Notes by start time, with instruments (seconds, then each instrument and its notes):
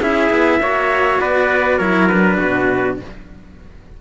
0.00 cello C#4 E4, trumpet G#4 E5
0.30 cello B3
0.60 cello A#3 F#4, trumpet C#5
1.20 cello B3, trumpet B4 D5
1.78 cello F#3 E4, trumpet A#4 C#5
2.08 cello D4, trumpet B4
2.38 cello B2, trumpet F#4